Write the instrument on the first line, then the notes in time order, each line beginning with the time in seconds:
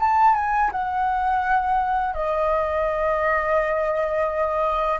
flute
0.00 A5
0.35 G#5
0.71 F#5
2.14 D#5